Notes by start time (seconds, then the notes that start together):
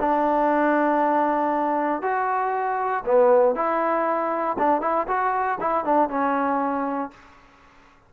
0.00 D4
2.02 F#4
3.05 B3
3.55 E4
4.58 D4
4.81 E4
5.08 F#4
5.60 E4
5.85 D4
6.09 C#4